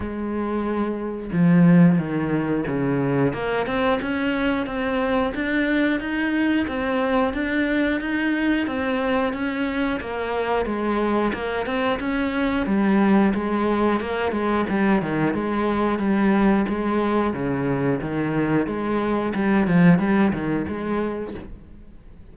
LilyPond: \new Staff \with { instrumentName = "cello" } { \time 4/4 \tempo 4 = 90 gis2 f4 dis4 | cis4 ais8 c'8 cis'4 c'4 | d'4 dis'4 c'4 d'4 | dis'4 c'4 cis'4 ais4 |
gis4 ais8 c'8 cis'4 g4 | gis4 ais8 gis8 g8 dis8 gis4 | g4 gis4 cis4 dis4 | gis4 g8 f8 g8 dis8 gis4 | }